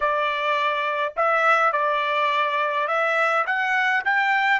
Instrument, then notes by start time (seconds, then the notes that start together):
trumpet
0.00 D5
1.16 E5
1.72 D5
2.87 E5
3.46 F#5
4.05 G5